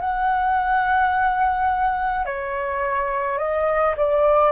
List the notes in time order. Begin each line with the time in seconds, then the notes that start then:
0.00 F#5
2.25 C#5
3.38 D#5
3.96 D5